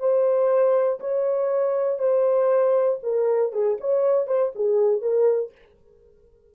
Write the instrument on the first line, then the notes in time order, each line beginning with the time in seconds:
horn
0.00 C5
1.00 C#5
1.99 C5
3.03 A#4
3.53 G#4
3.81 C#5
4.27 C5
4.55 G#4
5.02 A#4